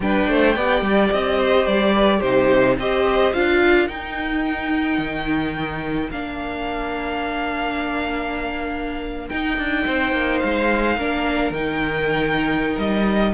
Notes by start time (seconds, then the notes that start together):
0.00 G3 D4 B4 G5
0.28 A3 C5
0.55 B3 G4 D5
0.81 G3
1.12 C4 D#5
1.38 C5
1.66 G3 D5
1.95 B4
2.18 C3 D#4 G4 C5
2.78 C4 G4 C5 D#5
3.33 D4 F4 F5
3.61 A#4
3.87 D#4 G5
4.97 D#3
6.10 A#3 D4 F5
9.28 D#4 G5
9.57 D4
9.86 C4 C5
10.12 A#3
10.39 G#3 F5
10.97 A#3 D4 A#4
11.50 D#3 D#4 G5
12.78 G3 D#5